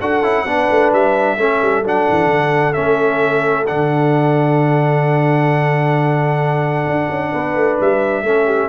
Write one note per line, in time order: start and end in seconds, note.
0.00 0.22 D4
0.00 0.23 F#4
0.00 0.45 A4
0.00 0.92 F#5
0.22 0.44 C#4
0.22 0.45 E4
0.44 0.67 B3
0.44 1.37 D4
0.44 1.37 B4
0.70 0.92 A3
0.92 1.37 G3
0.92 1.84 E5
1.37 1.60 A3
1.37 1.83 C#4
1.37 7.32 A4
1.62 1.83 G3
1.83 2.06 F#3
1.83 2.74 D4
1.83 2.73 F#5
2.09 2.26 E3
2.26 2.71 D3
2.73 3.69 A3
2.73 3.65 C#4
2.73 3.64 E5
3.67 6.86 D3
3.67 8.25 D4
3.67 7.79 F#5
6.86 7.09 D4
7.10 7.33 C#4
7.32 7.55 B3
7.32 8.23 B4
7.55 7.77 A3
7.80 8.23 G3
7.80 8.69 E5
8.23 8.68 A3
8.23 8.69 C#4
8.23 8.45 A4
8.45 8.68 G4